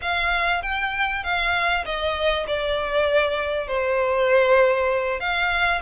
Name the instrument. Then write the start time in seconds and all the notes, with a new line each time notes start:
violin
0.01 F5
0.62 G5
1.23 F5
1.85 D#5
2.47 D5
3.67 C5
5.20 F5